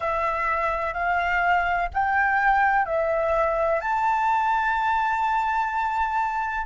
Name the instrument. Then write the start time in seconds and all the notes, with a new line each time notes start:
flute
0.00 E5
0.93 F5
1.93 G5
2.85 E5
3.81 A5